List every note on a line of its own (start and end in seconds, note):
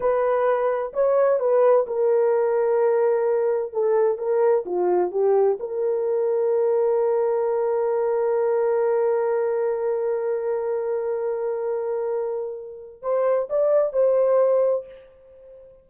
0.00 0.93 B4
0.93 1.39 C#5
1.39 1.86 B4
1.86 3.72 A#4
3.72 4.18 A4
4.18 4.64 A#4
4.65 5.11 F4
5.11 5.58 G4
5.59 13.02 A#4
13.02 13.48 C5
13.49 13.92 D5
13.92 14.85 C5